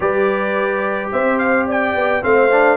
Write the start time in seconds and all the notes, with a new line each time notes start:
0.00 G3 G4 B4 D5
1.11 C4 C5 E5
1.38 F5
1.66 D5 G5
1.94 B3
2.22 A3 C4 C5 F5
2.51 D4